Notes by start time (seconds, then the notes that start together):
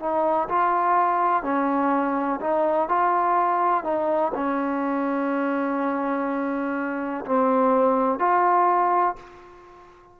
0.00 D#4
0.49 F4
1.43 C#4
2.41 D#4
2.89 F4
3.84 D#4
4.35 C#4
7.26 C4
8.20 F4